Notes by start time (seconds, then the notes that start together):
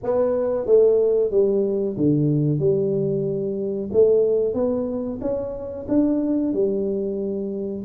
0.03 B3
0.66 A3
1.30 G3
1.97 D3
2.59 G3
3.92 A3
4.54 B3
5.21 C#4
5.88 D4
6.53 G3